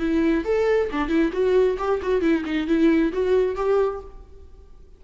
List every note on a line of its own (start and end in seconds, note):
0.00 0.45 E4
0.45 0.90 A4
0.93 1.09 D4
1.09 1.31 E4
1.33 1.78 F#4
1.79 2.01 G4
2.03 2.22 F#4
2.22 2.44 E4
2.46 2.68 D#4
2.68 3.13 E4
3.13 3.56 F#4
3.56 4.01 G4